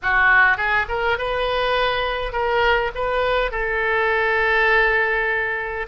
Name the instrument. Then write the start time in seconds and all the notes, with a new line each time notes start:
oboe
0.02 F#4
0.57 G#4
0.88 A#4
1.18 B4
2.32 A#4
2.94 B4
3.51 A4